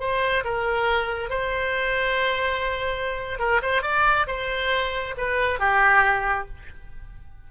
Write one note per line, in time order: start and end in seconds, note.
0.00 0.44 C5
0.44 1.30 A#4
1.30 3.40 C5
3.40 3.62 A#4
3.63 3.83 C5
3.83 4.27 D5
4.27 5.16 C5
5.18 5.60 B4
5.60 6.48 G4